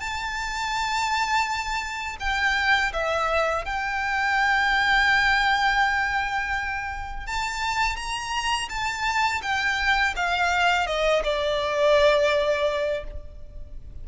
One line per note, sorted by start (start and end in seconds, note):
0.00 2.17 A5
2.20 2.92 G5
2.93 3.65 E5
3.65 7.27 G5
7.27 7.96 A5
7.96 8.69 A#5
8.69 9.41 A5
9.42 10.14 G5
10.17 10.87 F5
10.87 11.23 D#5
11.24 13.04 D5